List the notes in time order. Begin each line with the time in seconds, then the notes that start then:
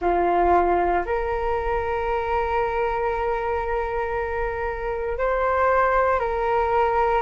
0.00 F4
1.05 A#4
5.18 C5
6.19 A#4